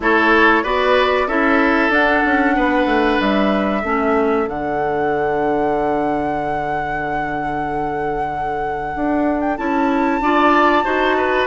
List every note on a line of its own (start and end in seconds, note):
0.00 0.63 A3
0.00 0.64 E4
0.00 0.63 A4
0.00 0.64 C#5
0.63 1.27 B3
0.63 1.28 F#4
0.63 1.27 B4
0.63 1.28 D5
1.27 1.89 C#4
1.27 1.91 E4
1.27 2.55 A4
1.27 1.91 E5
1.89 2.21 D4
1.89 3.82 D4
1.89 3.20 F#5
2.25 2.56 C#4
2.56 2.85 B3
2.56 3.81 B4
2.85 3.17 A3
3.20 3.83 G3
3.20 4.48 E5
3.81 4.47 A3
3.81 4.47 C#4
3.81 10.20 A4
4.47 8.93 D3
4.47 9.57 D4
4.47 9.40 F#5
8.95 9.58 D4
9.40 9.56 G5
9.57 10.20 C#4
9.57 10.21 E4
9.57 11.46 A5
10.20 10.84 D4
10.20 10.84 F4
10.20 10.84 D5
10.84 11.46 D#4
10.84 11.46 F#4
10.84 11.16 C5
11.17 11.46 B4